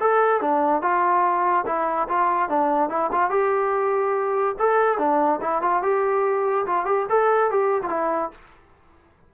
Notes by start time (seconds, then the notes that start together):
0.00 A4
0.41 D4
0.82 F4
1.66 E4
2.09 F4
2.49 D4
2.89 E4
3.12 F4
3.30 G4
4.59 A4
4.98 D4
5.41 E4
5.62 F4
5.82 G4
6.66 F4
6.85 G4
7.09 A4
7.50 G4
7.82 F4
7.89 E4